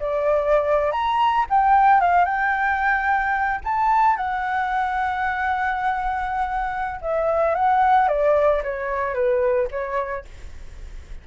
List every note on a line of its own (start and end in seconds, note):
0.00 0.92 D5
0.92 1.46 A#5
1.50 2.01 G5
2.01 2.25 F5
2.25 3.60 G5
3.64 4.17 A5
4.17 7.00 F#5
7.01 7.55 E5
7.55 8.08 F#5
8.08 8.62 D5
8.64 9.14 C#5
9.14 9.69 B4
9.71 10.25 C#5